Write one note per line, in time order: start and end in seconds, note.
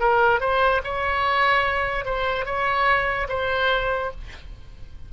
0.00 0.40 A#4
0.40 0.81 C5
0.84 2.05 C#5
2.05 2.45 C5
2.45 3.28 C#5
3.29 4.11 C5